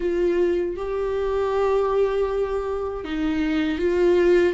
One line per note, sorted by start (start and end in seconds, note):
0.00 0.76 F4
0.76 3.04 G4
3.04 3.78 D#4
3.78 4.53 F4